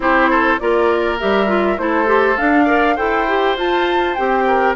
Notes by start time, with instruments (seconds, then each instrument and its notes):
0.00 bassoon C4, clarinet E4, oboe G4, flute C5
0.30 oboe A4
0.59 bassoon A#3, clarinet F4, oboe A#4, flute D5
1.19 bassoon G3, clarinet G4, flute E5
1.47 clarinet F4
1.77 bassoon A3, clarinet E4, oboe A4, flute C5
2.06 clarinet G4
2.37 clarinet D4, bassoon D4, flute F5
2.64 clarinet A#4, oboe D5
2.95 bassoon E4, clarinet A4, oboe C5, flute G5
3.27 clarinet G4
3.56 bassoon F4, clarinet F4, flute A5
4.14 bassoon C4, clarinet G4, flute G5
4.46 oboe A#4